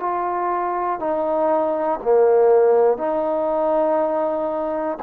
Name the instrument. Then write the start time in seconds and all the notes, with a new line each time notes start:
trombone
0.00 F4
1.00 D#4
2.03 A#3
2.98 D#4